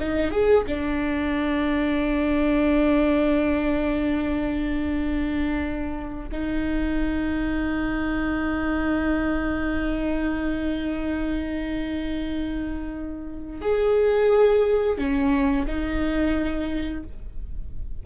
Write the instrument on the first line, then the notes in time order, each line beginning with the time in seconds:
viola
0.00 D#4
0.31 G#4
0.67 D4
6.32 D#4
13.62 G#4
14.98 C#4
15.67 D#4